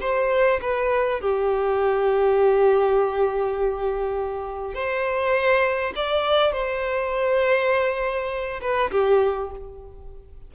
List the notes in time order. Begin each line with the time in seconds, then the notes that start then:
0.00 C5
0.61 B4
1.20 G4
4.74 C5
5.95 D5
6.52 C5
8.61 B4
8.91 G4